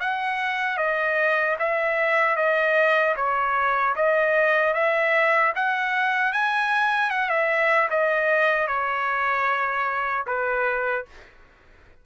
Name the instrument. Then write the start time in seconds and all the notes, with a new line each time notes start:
trumpet
0.00 F#5
0.78 D#5
1.59 E5
2.36 D#5
3.16 C#5
3.95 D#5
4.74 E5
5.56 F#5
6.33 G#5
7.10 F#5
7.29 E5
7.90 D#5
8.67 C#5
10.26 B4